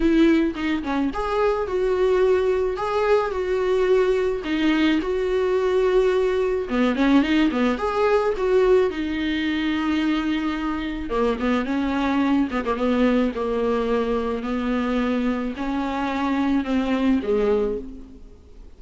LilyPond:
\new Staff \with { instrumentName = "viola" } { \time 4/4 \tempo 4 = 108 e'4 dis'8 cis'8 gis'4 fis'4~ | fis'4 gis'4 fis'2 | dis'4 fis'2. | b8 cis'8 dis'8 b8 gis'4 fis'4 |
dis'1 | ais8 b8 cis'4. b16 ais16 b4 | ais2 b2 | cis'2 c'4 gis4 | }